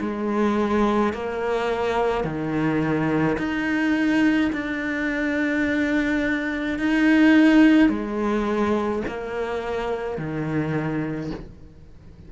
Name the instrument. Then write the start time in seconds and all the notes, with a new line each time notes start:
cello
0.00 G#3
1.13 A#3
2.24 D#3
3.38 D#4
4.52 D4
6.79 D#4
7.89 G#3
9.07 A#3
10.18 D#3